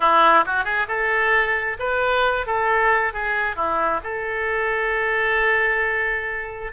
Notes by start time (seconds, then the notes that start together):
0.00 E4
0.46 F#4
0.64 G#4
0.87 A4
1.79 B4
2.46 A4
3.13 G#4
3.55 E4
4.03 A4